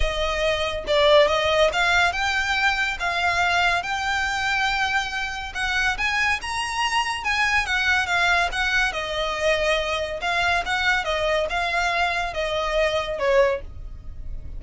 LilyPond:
\new Staff \with { instrumentName = "violin" } { \time 4/4 \tempo 4 = 141 dis''2 d''4 dis''4 | f''4 g''2 f''4~ | f''4 g''2.~ | g''4 fis''4 gis''4 ais''4~ |
ais''4 gis''4 fis''4 f''4 | fis''4 dis''2. | f''4 fis''4 dis''4 f''4~ | f''4 dis''2 cis''4 | }